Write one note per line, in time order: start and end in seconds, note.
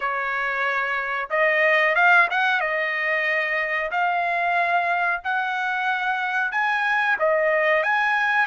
0.00 1.29 C#5
1.30 1.95 D#5
1.95 2.28 F5
2.30 2.60 F#5
2.60 3.90 D#5
3.91 5.21 F5
5.24 6.51 F#5
6.51 7.17 G#5
7.19 7.83 D#5
7.83 8.46 G#5